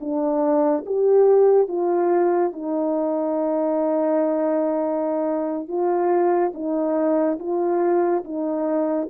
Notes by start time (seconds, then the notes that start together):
0.00 D4
0.86 G4
1.68 F4
2.52 D#4
5.68 F4
6.54 D#4
7.39 F4
8.24 D#4